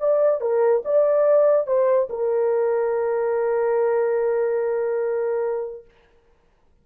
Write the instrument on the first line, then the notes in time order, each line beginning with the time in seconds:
horn
0.00 D5
0.41 A#4
0.84 D5
1.67 C5
2.10 A#4